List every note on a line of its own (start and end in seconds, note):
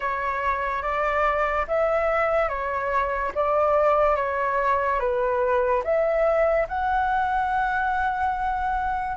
0.00 0.82 C#5
0.82 1.66 D5
1.67 2.48 E5
2.48 3.31 C#5
3.34 4.16 D5
4.16 4.99 C#5
4.99 5.83 B4
5.83 6.67 E5
6.68 9.17 F#5